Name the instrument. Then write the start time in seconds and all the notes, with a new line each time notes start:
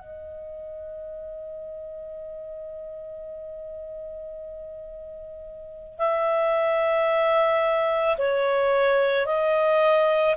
clarinet
0.00 D#5
5.98 E5
8.18 C#5
9.26 D#5